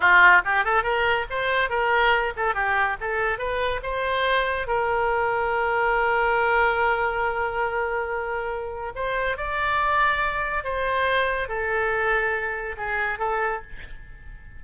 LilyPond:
\new Staff \with { instrumentName = "oboe" } { \time 4/4 \tempo 4 = 141 f'4 g'8 a'8 ais'4 c''4 | ais'4. a'8 g'4 a'4 | b'4 c''2 ais'4~ | ais'1~ |
ais'1~ | ais'4 c''4 d''2~ | d''4 c''2 a'4~ | a'2 gis'4 a'4 | }